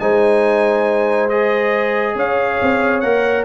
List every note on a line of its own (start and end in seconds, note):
0.00 2.16 G#3
0.00 1.31 D#4
0.00 2.17 C5
0.00 1.30 G#5
1.30 3.04 G#4
1.30 2.16 D#5
2.16 2.59 C#4
2.16 3.45 C#5
2.16 3.01 F5
2.62 3.03 C4
3.01 3.45 A#3
3.01 3.45 A#4
3.01 3.44 F#5